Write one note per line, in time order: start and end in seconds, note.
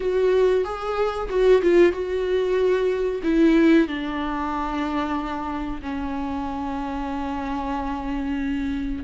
0.00 0.64 F#4
0.64 1.28 G#4
1.29 1.61 F#4
1.62 1.92 F4
1.92 3.21 F#4
3.23 3.87 E4
3.87 5.81 D4
5.82 9.04 C#4